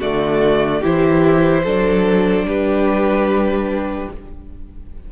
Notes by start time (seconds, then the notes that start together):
0.00 D3 A3 F#4 D5
0.81 E3 E4 G4 C5
1.64 F#3 D4 A4
2.44 G3 G4 B4